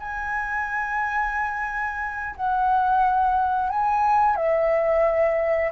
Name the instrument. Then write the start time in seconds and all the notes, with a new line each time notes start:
flute
0.00 G#5
2.37 F#5
3.70 G#5
4.37 E5